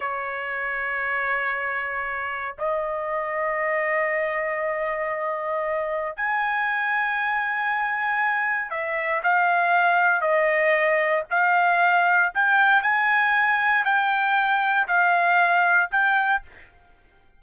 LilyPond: \new Staff \with { instrumentName = "trumpet" } { \time 4/4 \tempo 4 = 117 cis''1~ | cis''4 dis''2.~ | dis''1 | gis''1~ |
gis''4 e''4 f''2 | dis''2 f''2 | g''4 gis''2 g''4~ | g''4 f''2 g''4 | }